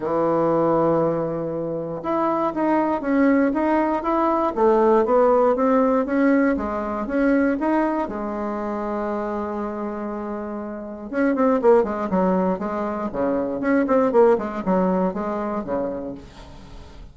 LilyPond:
\new Staff \with { instrumentName = "bassoon" } { \time 4/4 \tempo 4 = 119 e1 | e'4 dis'4 cis'4 dis'4 | e'4 a4 b4 c'4 | cis'4 gis4 cis'4 dis'4 |
gis1~ | gis2 cis'8 c'8 ais8 gis8 | fis4 gis4 cis4 cis'8 c'8 | ais8 gis8 fis4 gis4 cis4 | }